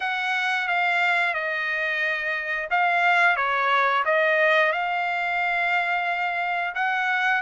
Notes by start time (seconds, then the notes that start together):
0.00 F#5
0.68 F5
1.33 D#5
2.70 F5
3.36 C#5
4.05 D#5
4.72 F5
6.74 F#5